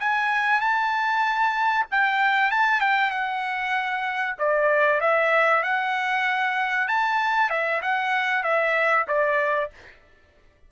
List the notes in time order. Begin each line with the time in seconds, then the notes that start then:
0.00 G#5
0.61 A5
1.91 G5
2.51 A5
2.81 G5
3.11 F#5
4.39 D5
5.01 E5
5.63 F#5
6.88 A5
7.50 E5
7.82 F#5
8.43 E5
9.08 D5